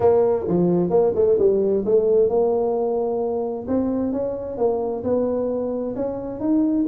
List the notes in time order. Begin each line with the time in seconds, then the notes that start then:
0.00 A#3
0.47 F3
0.90 A#3
1.15 A3
1.38 G3
1.85 A3
2.29 A#3
3.67 C4
4.12 C#4
4.57 A#3
5.03 B3
5.95 C#4
6.40 D#4